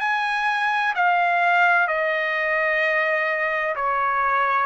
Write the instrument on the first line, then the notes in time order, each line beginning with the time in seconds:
trumpet
0.00 G#5
0.95 F5
1.87 D#5
3.75 C#5